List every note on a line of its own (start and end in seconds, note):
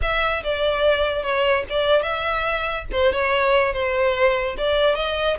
0.02 0.43 E5
0.43 1.22 D5
1.22 1.64 C#5
1.69 2.02 D5
2.02 2.85 E5
2.92 3.12 C5
3.12 3.73 C#5
3.73 4.55 C5
4.57 4.95 D5
4.95 5.36 D#5